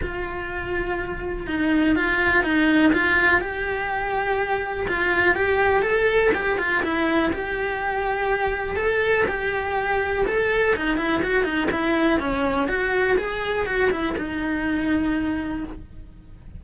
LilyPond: \new Staff \with { instrumentName = "cello" } { \time 4/4 \tempo 4 = 123 f'2. dis'4 | f'4 dis'4 f'4 g'4~ | g'2 f'4 g'4 | a'4 g'8 f'8 e'4 g'4~ |
g'2 a'4 g'4~ | g'4 a'4 dis'8 e'8 fis'8 dis'8 | e'4 cis'4 fis'4 gis'4 | fis'8 e'8 dis'2. | }